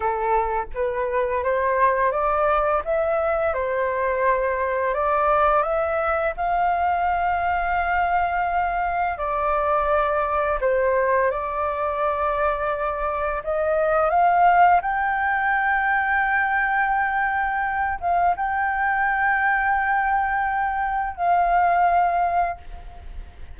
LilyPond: \new Staff \with { instrumentName = "flute" } { \time 4/4 \tempo 4 = 85 a'4 b'4 c''4 d''4 | e''4 c''2 d''4 | e''4 f''2.~ | f''4 d''2 c''4 |
d''2. dis''4 | f''4 g''2.~ | g''4. f''8 g''2~ | g''2 f''2 | }